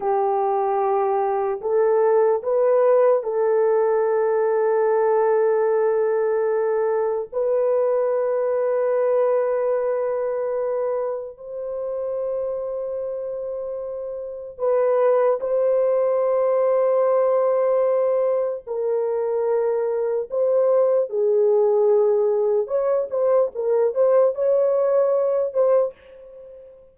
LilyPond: \new Staff \with { instrumentName = "horn" } { \time 4/4 \tempo 4 = 74 g'2 a'4 b'4 | a'1~ | a'4 b'2.~ | b'2 c''2~ |
c''2 b'4 c''4~ | c''2. ais'4~ | ais'4 c''4 gis'2 | cis''8 c''8 ais'8 c''8 cis''4. c''8 | }